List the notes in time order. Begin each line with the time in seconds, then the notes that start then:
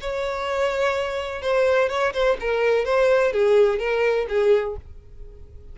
0.00 C#5
1.42 C5
1.89 C#5
2.13 C5
2.40 A#4
2.85 C5
3.32 G#4
3.79 A#4
4.28 G#4